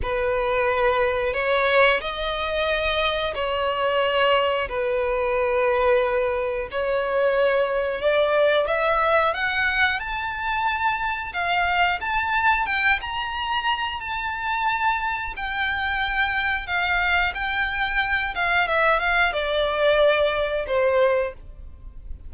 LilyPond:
\new Staff \with { instrumentName = "violin" } { \time 4/4 \tempo 4 = 90 b'2 cis''4 dis''4~ | dis''4 cis''2 b'4~ | b'2 cis''2 | d''4 e''4 fis''4 a''4~ |
a''4 f''4 a''4 g''8 ais''8~ | ais''4 a''2 g''4~ | g''4 f''4 g''4. f''8 | e''8 f''8 d''2 c''4 | }